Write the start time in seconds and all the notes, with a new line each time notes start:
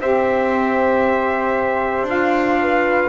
0.00 C4 G4 C5 E5
2.02 D4 F4
2.09 F5
2.60 B4